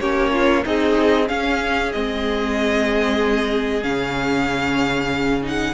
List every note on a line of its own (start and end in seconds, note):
0.00 0.64 A#3
0.00 0.64 C#4
0.00 0.32 G4
0.00 0.64 C#5
0.32 0.64 F4
0.64 1.29 C4
0.64 1.28 D#4
0.64 1.28 G#4
0.64 1.28 D#5
1.28 1.92 C#4
1.28 1.93 C#4
1.28 5.74 G#4
1.28 1.91 F5
1.91 3.83 G#3
1.91 3.82 C4
1.91 3.83 D#5
3.82 5.74 C#3
3.82 5.41 C#4
3.82 5.42 F5
5.43 5.74 D#4
5.43 5.74 F#5